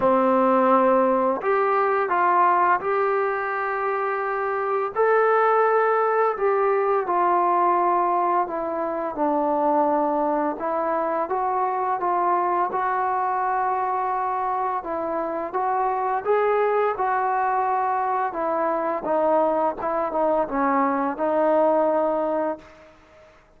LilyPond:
\new Staff \with { instrumentName = "trombone" } { \time 4/4 \tempo 4 = 85 c'2 g'4 f'4 | g'2. a'4~ | a'4 g'4 f'2 | e'4 d'2 e'4 |
fis'4 f'4 fis'2~ | fis'4 e'4 fis'4 gis'4 | fis'2 e'4 dis'4 | e'8 dis'8 cis'4 dis'2 | }